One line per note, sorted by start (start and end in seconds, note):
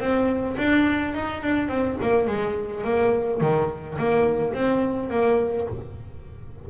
0.00 0.57 C4
0.58 1.14 D4
1.14 1.43 D#4
1.43 1.69 D4
1.69 1.97 C4
2.01 2.27 A#3
2.27 2.84 G#3
2.84 3.41 A#3
3.41 3.98 D#3
3.99 4.54 A#3
4.54 5.10 C4
5.10 5.67 A#3